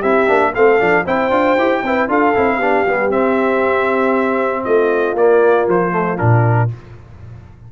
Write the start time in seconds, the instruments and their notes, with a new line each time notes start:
0.00 tuba C4, trombone E4, horn G4, trumpet E5
0.27 tuba A#3, trombone D4
0.54 tuba A3, trombone C4, horn A4, trumpet F5
0.79 tuba F3, trombone D4
1.05 tuba C4, trombone E4, horn C5, trumpet G5
1.30 tuba D4, trombone F4
1.57 tuba E4, trombone G4
1.82 tuba C4, trombone E4, horn B4
2.08 tuba D4, trombone F4, horn A4, trumpet F5
2.34 tuba C4, trombone E4
2.57 tuba B3, trombone D4, horn G4
2.86 tuba G3, trombone B3
3.10 tuba C4, trombone C4, trumpet E5
4.64 tuba A3, horn F4, trumpet D#5
5.14 tuba A#3, trombone A#3, trumpet D5
5.68 tuba F3, trumpet C5
5.91 trombone A3
6.17 tuba A#2, trombone D4, trumpet A#4